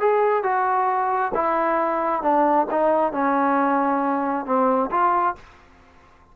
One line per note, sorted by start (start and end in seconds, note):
0.00 0.43 G#4
0.43 1.32 F#4
1.34 2.22 E4
2.22 2.67 D4
2.71 3.12 D#4
3.12 4.45 C#4
4.45 4.90 C4
4.91 5.35 F4